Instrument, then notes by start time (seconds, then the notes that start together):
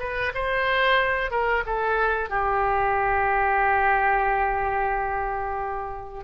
oboe
0.00 B4
0.35 C5
1.31 A#4
1.66 A4
2.30 G4